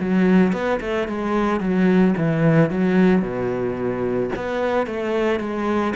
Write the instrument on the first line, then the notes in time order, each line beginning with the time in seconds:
cello
0.00 F#3
0.53 B3
0.81 A3
1.08 G#3
1.60 F#3
2.17 E3
2.70 F#3
3.22 B2
4.36 B3
4.86 A3
5.40 G#3